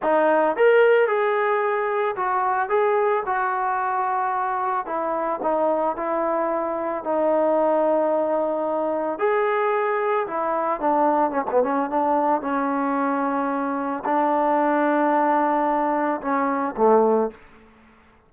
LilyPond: \new Staff \with { instrumentName = "trombone" } { \time 4/4 \tempo 4 = 111 dis'4 ais'4 gis'2 | fis'4 gis'4 fis'2~ | fis'4 e'4 dis'4 e'4~ | e'4 dis'2.~ |
dis'4 gis'2 e'4 | d'4 cis'16 b16 cis'8 d'4 cis'4~ | cis'2 d'2~ | d'2 cis'4 a4 | }